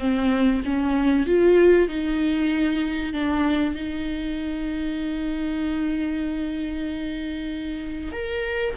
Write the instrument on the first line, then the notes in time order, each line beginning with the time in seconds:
viola
0.00 C4
0.65 C#4
1.27 F4
1.89 D#4
3.14 D4
3.75 D#4
8.12 A#4